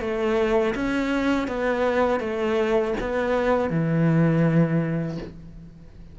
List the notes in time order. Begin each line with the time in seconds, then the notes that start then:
0.00 A3
0.74 C#4
1.47 B3
2.20 A3
3.00 B3
3.70 E3